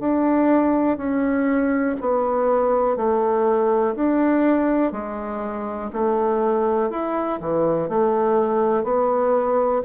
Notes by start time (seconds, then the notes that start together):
0.00 D4
0.98 C#4
2.01 B3
2.97 A3
3.96 D4
4.93 G#3
5.93 A3
6.90 E4
7.41 E3
7.89 A3
8.84 B3